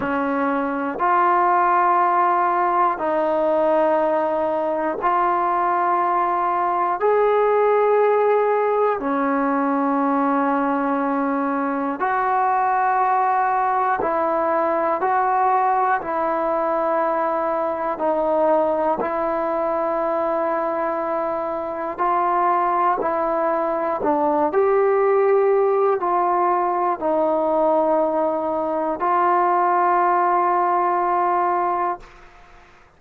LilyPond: \new Staff \with { instrumentName = "trombone" } { \time 4/4 \tempo 4 = 60 cis'4 f'2 dis'4~ | dis'4 f'2 gis'4~ | gis'4 cis'2. | fis'2 e'4 fis'4 |
e'2 dis'4 e'4~ | e'2 f'4 e'4 | d'8 g'4. f'4 dis'4~ | dis'4 f'2. | }